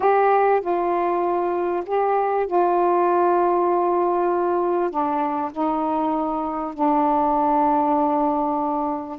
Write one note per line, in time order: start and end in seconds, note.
0.00 0.61 G4
0.61 1.83 F4
1.86 2.46 G4
2.46 4.90 F4
4.90 5.51 D4
5.52 6.73 D#4
6.73 9.18 D4